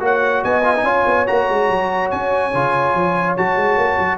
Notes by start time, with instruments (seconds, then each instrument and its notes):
0.00 tuba A#3, trombone F#4, horn C#5, trumpet F#5
0.44 tuba B3, horn D#5, trumpet G#5
0.64 trombone F4
0.76 trombone D#4
0.83 tuba C#4, trombone F4, horn C#5
1.06 tuba B3
1.27 tuba A#3, trombone F#4, trumpet A#5
1.50 tuba G#3
1.70 tuba F#3
2.11 tuba C#4, trumpet G#5
2.54 tuba C#3, trombone F4
2.95 tuba F3
3.37 tuba F#3, trombone F#4, trumpet A5
3.57 tuba G#3
3.77 tuba A#3
3.98 tuba F#3